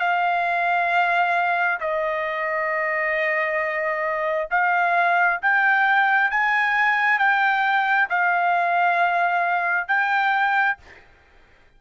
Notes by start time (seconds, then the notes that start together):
0.00 F5
1.80 D#5
4.51 F5
5.42 G5
6.31 G#5
7.19 G5
8.10 F5
9.88 G5